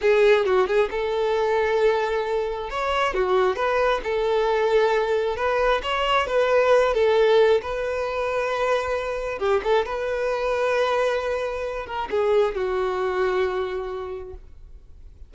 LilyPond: \new Staff \with { instrumentName = "violin" } { \time 4/4 \tempo 4 = 134 gis'4 fis'8 gis'8 a'2~ | a'2 cis''4 fis'4 | b'4 a'2. | b'4 cis''4 b'4. a'8~ |
a'4 b'2.~ | b'4 g'8 a'8 b'2~ | b'2~ b'8 ais'8 gis'4 | fis'1 | }